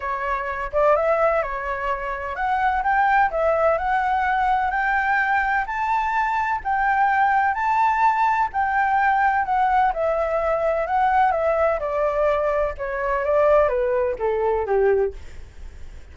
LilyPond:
\new Staff \with { instrumentName = "flute" } { \time 4/4 \tempo 4 = 127 cis''4. d''8 e''4 cis''4~ | cis''4 fis''4 g''4 e''4 | fis''2 g''2 | a''2 g''2 |
a''2 g''2 | fis''4 e''2 fis''4 | e''4 d''2 cis''4 | d''4 b'4 a'4 g'4 | }